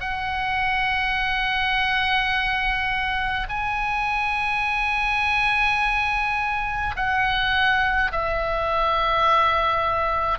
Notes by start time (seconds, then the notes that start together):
0.00 F#5
3.48 G#5
6.95 F#5
8.11 E5